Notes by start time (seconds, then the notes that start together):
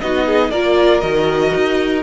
0.00 B3 D#4 F#4 D#5
0.26 G#4
0.51 A#3 F4 A#4 D5
1.00 D#3 F#4 D#5
1.54 D#4